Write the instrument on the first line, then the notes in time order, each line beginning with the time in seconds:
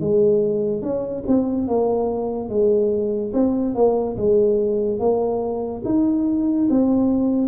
tuba
0.00 G#3
0.81 C#4
1.27 C4
1.67 A#3
2.49 G#3
3.33 C4
3.74 A#3
4.16 G#3
4.98 A#3
5.84 D#4
6.69 C4